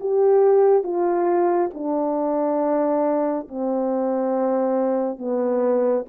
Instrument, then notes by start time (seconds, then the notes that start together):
horn
0.00 G4
0.83 F4
1.74 D4
3.48 C4
5.18 B3